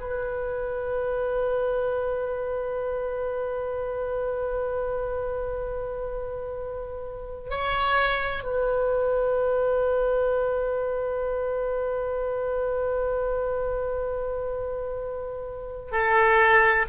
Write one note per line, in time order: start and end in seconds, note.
0.00 7.50 B4
7.50 8.43 C#5
8.43 15.92 B4
15.92 16.85 A4